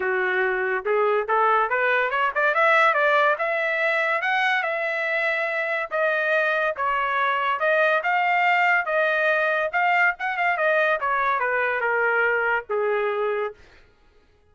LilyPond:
\new Staff \with { instrumentName = "trumpet" } { \time 4/4 \tempo 4 = 142 fis'2 gis'4 a'4 | b'4 cis''8 d''8 e''4 d''4 | e''2 fis''4 e''4~ | e''2 dis''2 |
cis''2 dis''4 f''4~ | f''4 dis''2 f''4 | fis''8 f''8 dis''4 cis''4 b'4 | ais'2 gis'2 | }